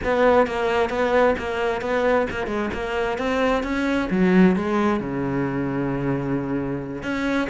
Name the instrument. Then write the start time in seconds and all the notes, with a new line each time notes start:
cello
0.03 B3
0.46 A#3
0.89 B3
1.38 A#3
1.81 B3
2.30 A#3
2.46 G#3
2.73 A#3
3.17 C4
3.63 C#4
4.10 F#3
4.56 G#3
4.99 C#3
7.02 C#4